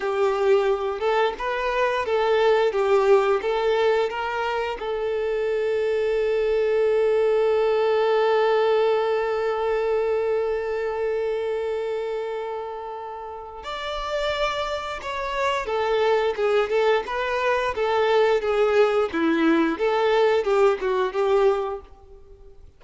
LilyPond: \new Staff \with { instrumentName = "violin" } { \time 4/4 \tempo 4 = 88 g'4. a'8 b'4 a'4 | g'4 a'4 ais'4 a'4~ | a'1~ | a'1~ |
a'1 | d''2 cis''4 a'4 | gis'8 a'8 b'4 a'4 gis'4 | e'4 a'4 g'8 fis'8 g'4 | }